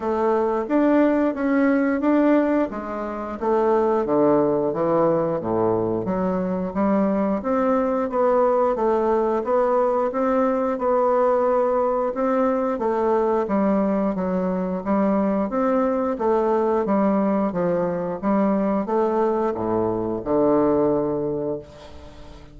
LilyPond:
\new Staff \with { instrumentName = "bassoon" } { \time 4/4 \tempo 4 = 89 a4 d'4 cis'4 d'4 | gis4 a4 d4 e4 | a,4 fis4 g4 c'4 | b4 a4 b4 c'4 |
b2 c'4 a4 | g4 fis4 g4 c'4 | a4 g4 f4 g4 | a4 a,4 d2 | }